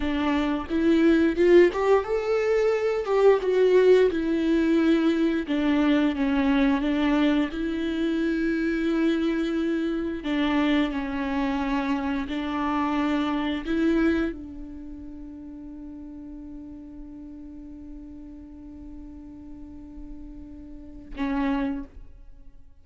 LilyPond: \new Staff \with { instrumentName = "viola" } { \time 4/4 \tempo 4 = 88 d'4 e'4 f'8 g'8 a'4~ | a'8 g'8 fis'4 e'2 | d'4 cis'4 d'4 e'4~ | e'2. d'4 |
cis'2 d'2 | e'4 d'2.~ | d'1~ | d'2. cis'4 | }